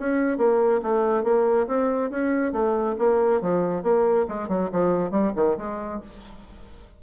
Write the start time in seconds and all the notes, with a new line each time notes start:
0.00 C#4
0.38 A#3
0.83 A3
1.24 A#3
1.68 C4
2.11 C#4
2.53 A3
2.99 A#3
3.42 F3
3.83 A#3
4.29 G#3
4.49 F#3
4.73 F3
5.11 G3
5.36 D#3
5.58 G#3